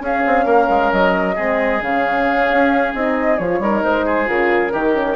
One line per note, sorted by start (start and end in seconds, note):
0.00 0.22 C#4
0.00 1.36 C#4
0.00 0.45 G#4
0.00 0.92 F5
0.26 0.45 C4
0.45 0.67 A#3
0.45 1.35 A#4
0.69 0.92 G#3
0.92 1.37 F#3
0.92 1.82 D#5
1.35 1.81 G#3
1.35 1.81 C4
1.35 3.59 G#4
1.81 2.48 C#3
1.81 2.94 C#4
1.81 2.94 F5
2.51 2.94 C#4
2.94 3.39 C4
2.94 3.39 D#4
2.94 3.38 D#5
3.38 3.59 F3
3.38 3.62 F4
3.38 3.83 C#5
3.59 3.81 G3
3.59 4.25 D#4
3.59 4.05 A#4
3.83 4.28 G#3
3.83 4.28 C5
4.05 4.72 G#4
4.25 4.74 C#3
4.25 4.70 F4
4.25 5.16 A#4
4.72 5.16 D#3
4.72 4.93 D#4
4.72 5.16 G4
4.93 5.16 C#4